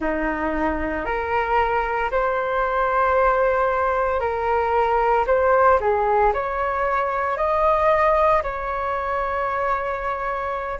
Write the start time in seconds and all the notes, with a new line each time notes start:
0.00 D#4
1.05 A#4
2.11 C5
4.20 A#4
5.26 C5
5.80 G#4
6.33 C#5
7.37 D#5
8.43 C#5